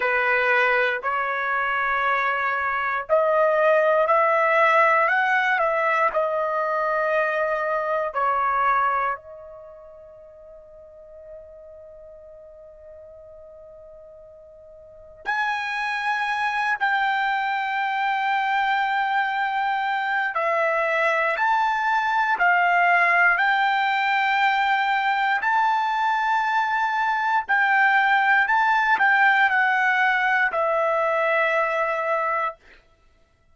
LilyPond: \new Staff \with { instrumentName = "trumpet" } { \time 4/4 \tempo 4 = 59 b'4 cis''2 dis''4 | e''4 fis''8 e''8 dis''2 | cis''4 dis''2.~ | dis''2. gis''4~ |
gis''8 g''2.~ g''8 | e''4 a''4 f''4 g''4~ | g''4 a''2 g''4 | a''8 g''8 fis''4 e''2 | }